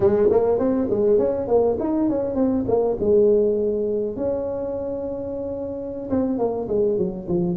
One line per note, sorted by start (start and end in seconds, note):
0.00 0.29 G#3
0.30 0.58 A#3
0.58 0.88 C4
0.90 1.18 G#3
1.18 1.47 C#4
1.47 1.77 A#3
1.79 2.09 D#4
2.09 2.35 C#4
2.35 2.64 C4
2.67 2.97 A#3
3.00 4.16 G#3
4.16 6.09 C#4
6.10 6.38 C4
6.38 6.68 A#3
6.68 6.97 G#3
6.97 7.27 F#3
7.28 7.57 F3